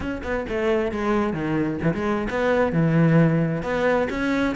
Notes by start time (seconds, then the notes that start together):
0.00 C#4
0.23 B3
0.49 A3
0.91 G#3
1.33 D#3
1.82 E3
1.93 G#3
2.30 B3
2.72 E3
3.62 B3
4.10 C#4